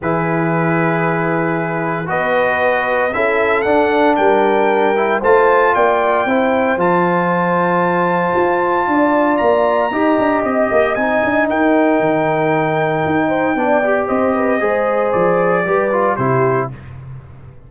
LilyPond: <<
  \new Staff \with { instrumentName = "trumpet" } { \time 4/4 \tempo 4 = 115 b'1 | dis''2 e''4 fis''4 | g''2 a''4 g''4~ | g''4 a''2.~ |
a''2 ais''2 | dis''4 gis''4 g''2~ | g''2. dis''4~ | dis''4 d''2 c''4 | }
  \new Staff \with { instrumentName = "horn" } { \time 4/4 gis'1 | b'2 a'2 | ais'2 c''4 d''4 | c''1~ |
c''4 d''2 dis''4~ | dis''2 ais'2~ | ais'4. c''8 d''4 c''8 b'8 | c''2 b'4 g'4 | }
  \new Staff \with { instrumentName = "trombone" } { \time 4/4 e'1 | fis'2 e'4 d'4~ | d'4. e'8 f'2 | e'4 f'2.~ |
f'2. g'4~ | g'4 dis'2.~ | dis'2 d'8 g'4. | gis'2 g'8 f'8 e'4 | }
  \new Staff \with { instrumentName = "tuba" } { \time 4/4 e1 | b2 cis'4 d'4 | g2 a4 ais4 | c'4 f2. |
f'4 d'4 ais4 dis'8 d'8 | c'8 ais8 c'8 d'8 dis'4 dis4~ | dis4 dis'4 b4 c'4 | gis4 f4 g4 c4 | }
>>